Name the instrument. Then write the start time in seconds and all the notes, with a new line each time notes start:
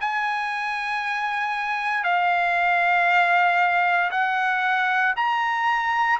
trumpet
0.00 G#5
2.03 F5
4.11 F#5
5.16 A#5